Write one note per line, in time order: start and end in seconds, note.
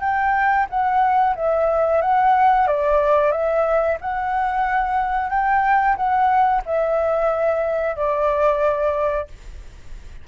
0.00 0.66 G5
0.69 1.35 F#5
1.35 2.01 E5
2.01 2.67 F#5
2.67 3.31 D5
3.31 3.97 E5
4.00 5.30 F#5
5.30 5.96 G5
5.96 6.62 F#5
6.66 7.96 E5
7.96 9.28 D5